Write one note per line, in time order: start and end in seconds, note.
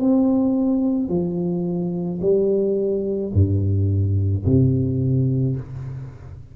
0.00 1.09 C4
1.09 2.20 F3
2.21 3.32 G3
3.34 4.45 G2
4.45 5.56 C3